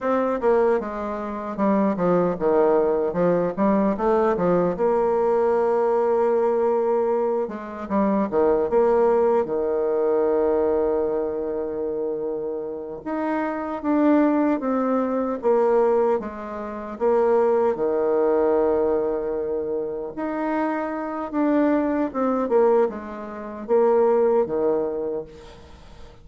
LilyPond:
\new Staff \with { instrumentName = "bassoon" } { \time 4/4 \tempo 4 = 76 c'8 ais8 gis4 g8 f8 dis4 | f8 g8 a8 f8 ais2~ | ais4. gis8 g8 dis8 ais4 | dis1~ |
dis8 dis'4 d'4 c'4 ais8~ | ais8 gis4 ais4 dis4.~ | dis4. dis'4. d'4 | c'8 ais8 gis4 ais4 dis4 | }